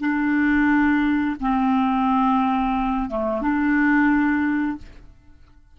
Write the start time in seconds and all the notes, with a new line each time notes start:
0.00 D4
1.40 C4
3.10 A3
3.42 D4